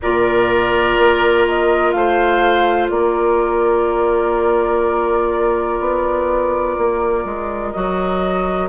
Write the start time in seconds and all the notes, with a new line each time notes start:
0.01 A#2 F4 A#4 D5
0.98 A#3
1.47 D#5
1.91 A3 C5 F5
2.89 A#3 A#4 D5
5.79 B3
6.77 A#3
7.24 G#3
7.71 F#3 F#4 D#5